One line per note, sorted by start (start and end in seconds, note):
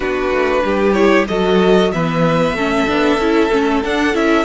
0.00 0.30 B3
0.00 0.94 D4
0.00 0.62 F#4
0.00 0.93 B4
0.31 0.63 A3
0.64 1.27 G3
0.64 1.28 G4
0.93 1.26 E4
0.93 1.25 C#5
1.28 1.92 F#3
1.28 1.93 F#4
1.28 1.92 A4
1.28 1.92 D#5
1.92 2.53 E3
1.92 2.57 B3
1.92 2.55 B4
1.92 3.83 E5
2.53 2.84 A3
2.53 2.86 C#4
2.53 4.45 A4
2.86 3.17 B3
2.86 3.18 D4
3.17 3.49 C#4
3.17 3.50 E4
3.50 3.83 A3
3.50 3.82 C#4
3.83 4.14 D4
3.83 4.13 D4
3.83 4.15 F#5
4.13 4.45 C#4
4.13 4.45 E4
4.13 4.45 E5